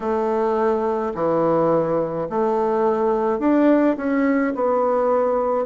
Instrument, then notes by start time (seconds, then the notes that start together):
bassoon
0.00 A3
1.14 E3
2.29 A3
3.39 D4
3.96 C#4
4.54 B3